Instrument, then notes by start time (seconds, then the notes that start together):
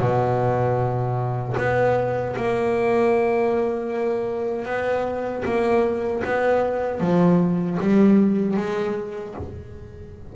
double bass
0.00 B2
1.58 B3
2.37 A#3
4.66 B3
5.45 A#3
6.24 B3
7.00 F3
7.80 G3
8.57 G#3